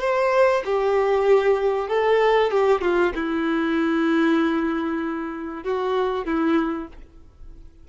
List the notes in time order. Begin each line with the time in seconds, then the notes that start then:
0.00 C5
0.65 G4
1.88 A4
2.50 G4
2.81 F4
3.14 E4
5.63 F#4
6.25 E4